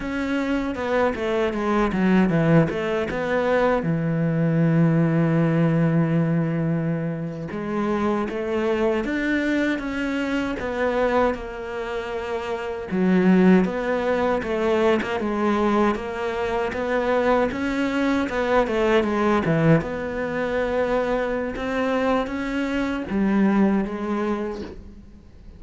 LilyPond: \new Staff \with { instrumentName = "cello" } { \time 4/4 \tempo 4 = 78 cis'4 b8 a8 gis8 fis8 e8 a8 | b4 e2.~ | e4.~ e16 gis4 a4 d'16~ | d'8. cis'4 b4 ais4~ ais16~ |
ais8. fis4 b4 a8. ais16 gis16~ | gis8. ais4 b4 cis'4 b16~ | b16 a8 gis8 e8 b2~ b16 | c'4 cis'4 g4 gis4 | }